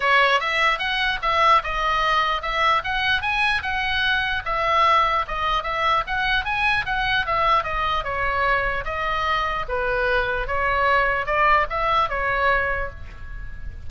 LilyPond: \new Staff \with { instrumentName = "oboe" } { \time 4/4 \tempo 4 = 149 cis''4 e''4 fis''4 e''4 | dis''2 e''4 fis''4 | gis''4 fis''2 e''4~ | e''4 dis''4 e''4 fis''4 |
gis''4 fis''4 e''4 dis''4 | cis''2 dis''2 | b'2 cis''2 | d''4 e''4 cis''2 | }